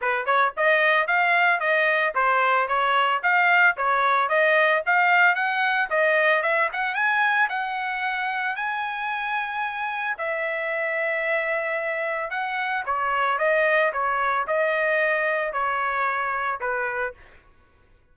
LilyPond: \new Staff \with { instrumentName = "trumpet" } { \time 4/4 \tempo 4 = 112 b'8 cis''8 dis''4 f''4 dis''4 | c''4 cis''4 f''4 cis''4 | dis''4 f''4 fis''4 dis''4 | e''8 fis''8 gis''4 fis''2 |
gis''2. e''4~ | e''2. fis''4 | cis''4 dis''4 cis''4 dis''4~ | dis''4 cis''2 b'4 | }